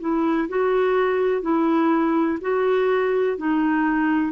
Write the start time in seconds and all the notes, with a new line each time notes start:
0.00 E4
0.48 F#4
1.42 E4
2.41 F#4
3.37 D#4